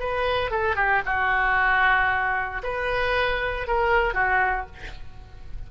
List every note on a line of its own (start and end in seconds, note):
0.00 0.51 B4
0.51 0.76 A4
0.76 1.02 G4
1.06 2.63 F#4
2.63 3.68 B4
3.68 4.15 A#4
4.15 4.67 F#4